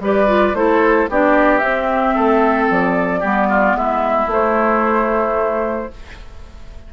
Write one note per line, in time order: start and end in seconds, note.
0.00 0.53 G3
0.00 0.27 G4
0.00 0.57 B4
0.00 0.55 D5
0.27 0.54 F4
0.53 1.07 A3
0.53 1.08 E4
0.53 1.10 A4
0.53 1.08 C5
1.09 1.62 B3
1.09 1.61 D4
1.09 2.15 G4
1.09 1.58 D5
1.58 3.22 C4
1.58 2.15 C4
1.58 2.65 E5
2.15 2.70 A3
2.15 3.20 A4
2.70 3.23 F3
2.70 3.77 D5
3.20 3.75 G3
3.20 4.29 B3
3.20 3.47 G4
3.49 3.76 F4
3.75 4.27 G#3
3.75 5.92 E4
3.75 4.30 E5
4.27 5.87 A3
4.27 5.91 A3
4.27 5.93 C5